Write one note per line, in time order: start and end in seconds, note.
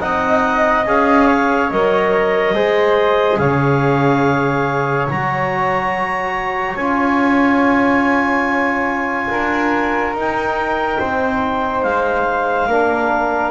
0.00 0.85 C4
0.00 0.85 D#4
0.00 1.27 D#5
0.00 0.85 F#5
0.86 1.70 C#4
0.86 1.70 G#4
0.86 1.70 F5
1.27 2.53 C#5
1.70 2.53 F#3
1.70 2.55 A#4
1.70 3.37 D#5
2.53 3.37 G#3
2.53 5.08 G#4
2.53 3.39 C5
3.37 5.07 C#3
3.37 9.30 C#5
3.37 5.06 F5
5.08 6.75 F#3
5.08 6.77 F#4
5.08 6.76 A#5
6.75 9.29 C#4
6.75 10.16 F4
6.75 10.14 G#5
9.29 10.13 D4
9.29 10.99 A#4
10.13 10.98 D#4
10.13 12.70 D#4
10.20 11.82 G5
10.99 11.83 C4
10.99 12.68 C5
11.82 12.66 G#3
11.82 13.51 F5
12.66 13.51 A#3
12.66 13.51 D4
12.66 13.51 A#4